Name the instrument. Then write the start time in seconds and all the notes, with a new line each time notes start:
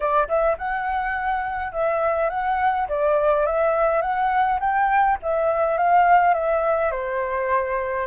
flute
0.00 D5
0.28 E5
0.57 F#5
1.72 E5
2.29 F#5
2.88 D5
3.46 E5
4.01 F#5
4.60 G5
5.22 E5
5.77 F5
6.34 E5
6.91 C5